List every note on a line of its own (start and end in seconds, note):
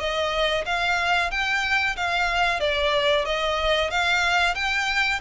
0.00 0.65 D#5
0.66 1.31 F5
1.31 1.97 G5
1.97 2.60 F5
2.60 3.25 D5
3.25 3.91 D#5
3.91 4.55 F5
4.55 5.20 G5